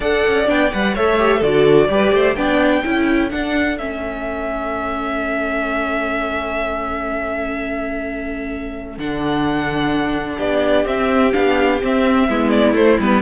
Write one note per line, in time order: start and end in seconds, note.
0.00 0.23 D4
0.00 0.46 A4
0.00 0.93 D5
0.00 0.48 F#5
0.26 0.48 C#4
0.46 0.72 B3
0.46 0.69 D4
0.46 0.72 G5
0.72 0.96 G3
0.72 0.96 B4
0.72 0.95 F#5
0.94 1.41 A3
0.94 1.17 A4
0.94 1.37 C#5
0.94 1.42 E5
1.17 1.41 G4
1.37 1.88 D3
1.37 1.88 F#4
1.37 1.85 A4
1.37 2.35 D5
1.88 2.12 G3
1.88 2.35 G4
1.88 2.13 B4
2.13 2.36 A3
2.13 2.37 C5
2.35 2.83 B3
2.35 2.83 D4
2.35 2.85 D5
2.35 3.30 G5
2.84 3.32 C#4
2.84 3.30 E4
2.84 10.36 A4
3.30 3.77 D4
3.30 3.80 D4
3.30 3.77 F#5
3.78 8.97 A3
3.78 8.99 C#4
3.78 8.97 E5
8.97 10.38 D3
8.97 10.85 D4
8.97 10.39 F#5
10.36 10.85 B3
10.36 12.25 G4
10.36 10.87 D5
10.85 11.32 C4
10.85 11.33 C4
10.85 11.32 E5
11.32 11.82 B3
11.32 11.79 D4
11.32 11.79 F5
11.83 12.28 C4
11.83 12.49 E5
12.28 12.73 G#3
12.28 12.75 B3
12.28 13.21 E4
12.49 12.73 D5
12.73 12.96 A3
12.73 12.98 A3
12.73 12.99 C5
12.99 13.21 G3
12.99 13.21 B3
12.99 13.21 B4